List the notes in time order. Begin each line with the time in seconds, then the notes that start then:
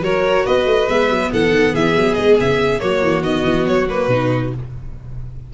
0.00 F#3 F#4 A#4 C#5
0.45 B3 B4 D#5
0.65 A3
0.88 G#3 B3 E5
1.09 F#3
1.32 E3 A4 F#5
1.49 D#3
1.74 E3 G#4 E5
1.95 F#3
2.14 G#3 D#5
2.40 C#3 E5
2.79 F#3 A#3 F#4 C#5
3.01 E3
3.21 D#3 B3 D#5
3.44 E3
3.65 F#3 C#5
3.88 A#3 B4
4.07 B2 D#4